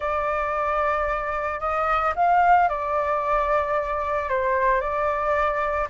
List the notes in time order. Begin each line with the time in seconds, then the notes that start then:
0.00 D5
1.60 D#5
2.15 F5
2.69 D5
4.29 C5
4.81 D5